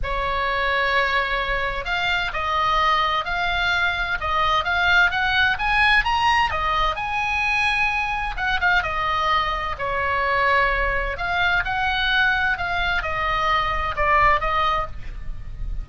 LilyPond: \new Staff \with { instrumentName = "oboe" } { \time 4/4 \tempo 4 = 129 cis''1 | f''4 dis''2 f''4~ | f''4 dis''4 f''4 fis''4 | gis''4 ais''4 dis''4 gis''4~ |
gis''2 fis''8 f''8 dis''4~ | dis''4 cis''2. | f''4 fis''2 f''4 | dis''2 d''4 dis''4 | }